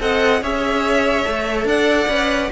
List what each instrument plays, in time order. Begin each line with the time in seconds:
0.00 cello C4, viola A4, violin D#5 F#5
0.41 cello C#4, viola G#4, violin C#5 E5
1.25 cello A3, viola A4
1.65 cello D4, violin D5 F#5
2.08 cello C#4, viola B4